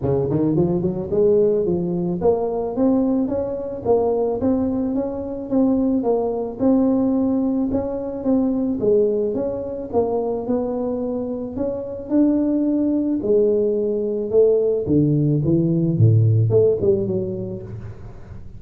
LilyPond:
\new Staff \with { instrumentName = "tuba" } { \time 4/4 \tempo 4 = 109 cis8 dis8 f8 fis8 gis4 f4 | ais4 c'4 cis'4 ais4 | c'4 cis'4 c'4 ais4 | c'2 cis'4 c'4 |
gis4 cis'4 ais4 b4~ | b4 cis'4 d'2 | gis2 a4 d4 | e4 a,4 a8 g8 fis4 | }